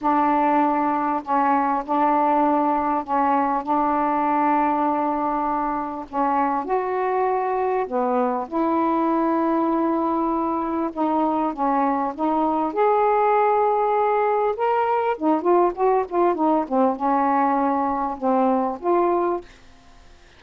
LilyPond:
\new Staff \with { instrumentName = "saxophone" } { \time 4/4 \tempo 4 = 99 d'2 cis'4 d'4~ | d'4 cis'4 d'2~ | d'2 cis'4 fis'4~ | fis'4 b4 e'2~ |
e'2 dis'4 cis'4 | dis'4 gis'2. | ais'4 dis'8 f'8 fis'8 f'8 dis'8 c'8 | cis'2 c'4 f'4 | }